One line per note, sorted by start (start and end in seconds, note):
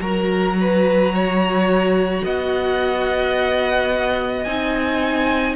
0.00 2.22 F#3
0.00 4.45 F#4
0.00 0.57 A#4
0.00 2.24 A#5
0.61 1.15 B4
1.15 2.25 C#5
2.25 4.46 B3
2.25 5.56 D#5
2.25 4.44 F#5
4.44 5.56 C4
4.44 5.56 D#4
4.44 5.55 G#5